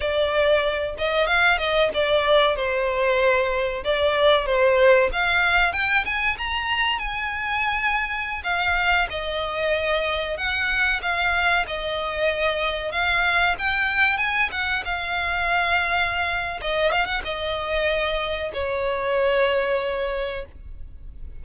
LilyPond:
\new Staff \with { instrumentName = "violin" } { \time 4/4 \tempo 4 = 94 d''4. dis''8 f''8 dis''8 d''4 | c''2 d''4 c''4 | f''4 g''8 gis''8 ais''4 gis''4~ | gis''4~ gis''16 f''4 dis''4.~ dis''16~ |
dis''16 fis''4 f''4 dis''4.~ dis''16~ | dis''16 f''4 g''4 gis''8 fis''8 f''8.~ | f''2 dis''8 f''16 fis''16 dis''4~ | dis''4 cis''2. | }